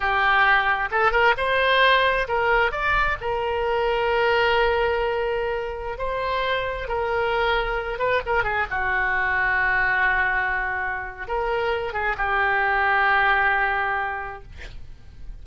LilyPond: \new Staff \with { instrumentName = "oboe" } { \time 4/4 \tempo 4 = 133 g'2 a'8 ais'8 c''4~ | c''4 ais'4 d''4 ais'4~ | ais'1~ | ais'4~ ais'16 c''2 ais'8.~ |
ais'4.~ ais'16 b'8 ais'8 gis'8 fis'8.~ | fis'1~ | fis'4 ais'4. gis'8 g'4~ | g'1 | }